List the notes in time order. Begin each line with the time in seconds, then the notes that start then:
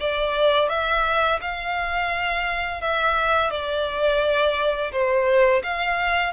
0.00 D5
0.69 E5
1.41 F5
2.81 E5
3.51 D5
4.92 C5
5.63 F5